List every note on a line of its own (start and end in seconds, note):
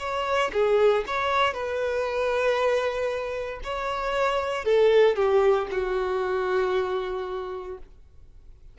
0.00 0.52 C#5
0.53 1.05 G#4
1.07 1.54 C#5
1.54 3.61 B4
3.64 4.65 C#5
4.65 5.17 A4
5.17 5.68 G4
5.72 7.78 F#4